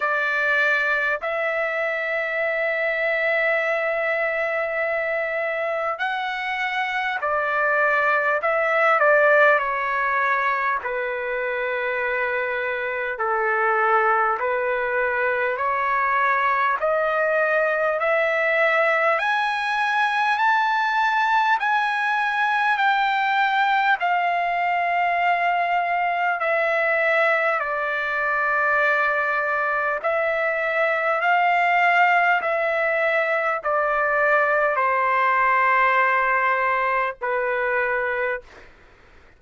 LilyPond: \new Staff \with { instrumentName = "trumpet" } { \time 4/4 \tempo 4 = 50 d''4 e''2.~ | e''4 fis''4 d''4 e''8 d''8 | cis''4 b'2 a'4 | b'4 cis''4 dis''4 e''4 |
gis''4 a''4 gis''4 g''4 | f''2 e''4 d''4~ | d''4 e''4 f''4 e''4 | d''4 c''2 b'4 | }